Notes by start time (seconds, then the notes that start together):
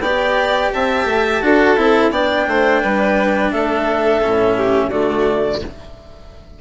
0.00 B3 G4 D5 G5
0.73 C4 E5 A5
1.05 A3
1.42 D4 F#4 A4
1.77 C4 E4
2.11 B3 D4 D5 G5
2.47 A3 C5
2.82 G3 B4
3.51 A3 A4 E5
4.21 A2 C#4
4.57 G4
4.90 D3 A3 F#4 D5